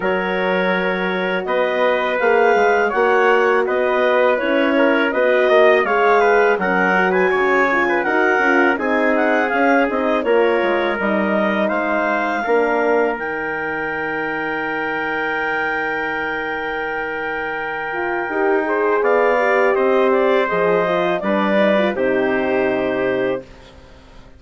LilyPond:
<<
  \new Staff \with { instrumentName = "clarinet" } { \time 4/4 \tempo 4 = 82 cis''2 dis''4 f''4 | fis''4 dis''4 cis''4 dis''4 | f''4 fis''8. gis''4~ gis''16 fis''4 | gis''8 fis''8 f''8 dis''8 cis''4 dis''4 |
f''2 g''2~ | g''1~ | g''2 f''4 dis''8 d''8 | dis''4 d''4 c''2 | }
  \new Staff \with { instrumentName = "trumpet" } { \time 4/4 ais'2 b'2 | cis''4 b'4. ais'8 b'8 dis''8 | cis''8 b'8 ais'8. b'16 cis''8. b'16 ais'4 | gis'2 ais'2 |
c''4 ais'2.~ | ais'1~ | ais'4. c''8 d''4 c''4~ | c''4 b'4 g'2 | }
  \new Staff \with { instrumentName = "horn" } { \time 4/4 fis'2. gis'4 | fis'2 e'4 fis'4 | gis'4 cis'8 fis'4 f'8 fis'8 f'8 | dis'4 cis'8 dis'8 f'4 dis'4~ |
dis'4 d'4 dis'2~ | dis'1~ | dis'8 f'8 g'8 gis'4 g'4. | gis'8 f'8 d'8 dis'16 f'16 dis'2 | }
  \new Staff \with { instrumentName = "bassoon" } { \time 4/4 fis2 b4 ais8 gis8 | ais4 b4 cis'4 b8 ais8 | gis4 fis4 cis4 dis'8 cis'8 | c'4 cis'8 c'8 ais8 gis8 g4 |
gis4 ais4 dis2~ | dis1~ | dis4 dis'4 b4 c'4 | f4 g4 c2 | }
>>